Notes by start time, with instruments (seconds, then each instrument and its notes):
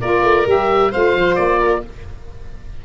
0.00 tuba A#3, saxophone F4, violin A#4, oboe D5
0.23 tuba A3
0.45 tuba G3, saxophone G4, oboe E5
0.91 tuba A3, saxophone F4, violin C5, oboe F5
1.14 tuba F3
1.35 tuba A#3, oboe D5
1.58 violin A#4